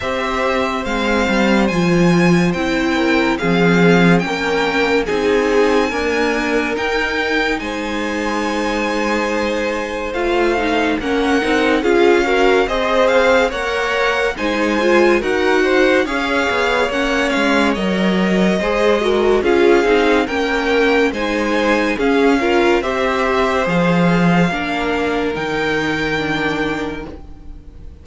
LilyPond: <<
  \new Staff \with { instrumentName = "violin" } { \time 4/4 \tempo 4 = 71 e''4 f''4 gis''4 g''4 | f''4 g''4 gis''2 | g''4 gis''2. | f''4 fis''4 f''4 dis''8 f''8 |
fis''4 gis''4 fis''4 f''4 | fis''8 f''8 dis''2 f''4 | g''4 gis''4 f''4 e''4 | f''2 g''2 | }
  \new Staff \with { instrumentName = "violin" } { \time 4/4 c''2.~ c''8 ais'8 | gis'4 ais'4 gis'4 ais'4~ | ais'4 c''2.~ | c''4 ais'4 gis'8 ais'8 c''4 |
cis''4 c''4 ais'8 c''8 cis''4~ | cis''2 c''8 ais'8 gis'4 | ais'4 c''4 gis'8 ais'8 c''4~ | c''4 ais'2. | }
  \new Staff \with { instrumentName = "viola" } { \time 4/4 g'4 c'4 f'4 e'4 | c'4 cis'4 dis'4 ais4 | dis'1 | f'8 dis'8 cis'8 dis'8 f'8 fis'8 gis'4 |
ais'4 dis'8 f'8 fis'4 gis'4 | cis'4 ais'4 gis'8 fis'8 f'8 dis'8 | cis'4 dis'4 cis'8 f'8 g'4 | gis'4 d'4 dis'4 d'4 | }
  \new Staff \with { instrumentName = "cello" } { \time 4/4 c'4 gis8 g8 f4 c'4 | f4 ais4 c'4 d'4 | dis'4 gis2. | a4 ais8 c'8 cis'4 c'4 |
ais4 gis4 dis'4 cis'8 b8 | ais8 gis8 fis4 gis4 cis'8 c'8 | ais4 gis4 cis'4 c'4 | f4 ais4 dis2 | }
>>